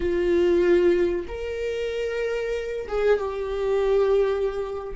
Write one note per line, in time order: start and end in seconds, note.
0.00 1.26 F4
1.28 2.87 A#4
2.88 3.19 G#4
3.19 4.94 G4